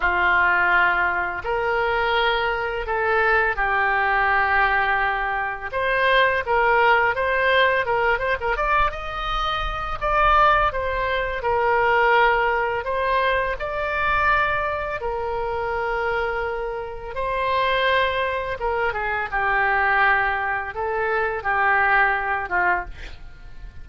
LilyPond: \new Staff \with { instrumentName = "oboe" } { \time 4/4 \tempo 4 = 84 f'2 ais'2 | a'4 g'2. | c''4 ais'4 c''4 ais'8 c''16 ais'16 | d''8 dis''4. d''4 c''4 |
ais'2 c''4 d''4~ | d''4 ais'2. | c''2 ais'8 gis'8 g'4~ | g'4 a'4 g'4. f'8 | }